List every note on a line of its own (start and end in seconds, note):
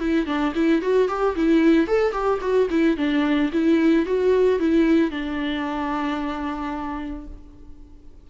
0.00 0.27 E4
0.27 0.54 D4
0.55 0.82 E4
0.82 1.09 F#4
1.09 1.36 G4
1.36 1.88 E4
1.88 2.12 A4
2.12 2.39 G4
2.42 2.69 F#4
2.71 2.97 E4
2.97 3.51 D4
3.53 4.06 E4
4.06 4.60 F#4
4.60 5.11 E4
5.11 7.27 D4